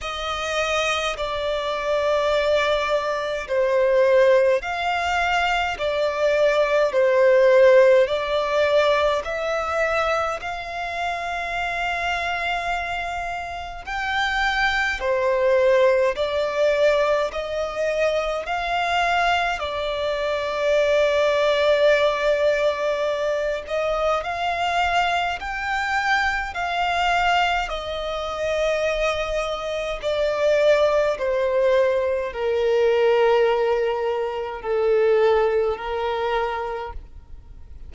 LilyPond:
\new Staff \with { instrumentName = "violin" } { \time 4/4 \tempo 4 = 52 dis''4 d''2 c''4 | f''4 d''4 c''4 d''4 | e''4 f''2. | g''4 c''4 d''4 dis''4 |
f''4 d''2.~ | d''8 dis''8 f''4 g''4 f''4 | dis''2 d''4 c''4 | ais'2 a'4 ais'4 | }